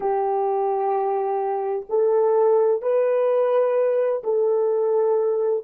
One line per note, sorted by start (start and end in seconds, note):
0.00 1.85 G4
1.89 2.81 A4
2.81 4.22 B4
4.23 5.64 A4